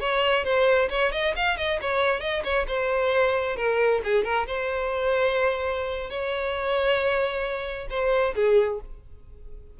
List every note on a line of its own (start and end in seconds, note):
0.00 0.44 C#5
0.44 0.89 C5
0.89 1.12 C#5
1.12 1.34 D#5
1.36 1.57 F5
1.57 1.79 D#5
1.81 2.20 C#5
2.20 2.43 D#5
2.44 2.66 C#5
2.67 3.56 C5
3.56 4.01 A#4
4.04 4.24 G#4
4.24 4.46 A#4
4.47 6.10 C5
6.10 7.87 C#5
7.89 8.34 C5
8.35 8.80 G#4